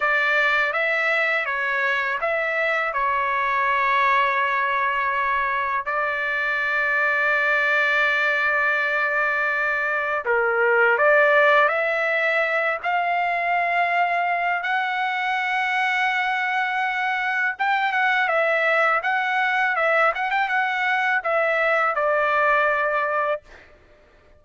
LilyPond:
\new Staff \with { instrumentName = "trumpet" } { \time 4/4 \tempo 4 = 82 d''4 e''4 cis''4 e''4 | cis''1 | d''1~ | d''2 ais'4 d''4 |
e''4. f''2~ f''8 | fis''1 | g''8 fis''8 e''4 fis''4 e''8 fis''16 g''16 | fis''4 e''4 d''2 | }